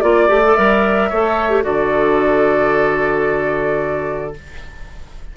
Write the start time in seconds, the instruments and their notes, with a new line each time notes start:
0.00 bassoon A#3, clarinet F4, flute D5, oboe D5
0.28 bassoon A3, clarinet G4
0.44 clarinet A4
0.54 bassoon G3, clarinet A#4, flute E5
1.09 bassoon A3, clarinet A4, oboe C#5
1.50 clarinet G4
1.63 bassoon D3, clarinet F#4, oboe A4, flute D5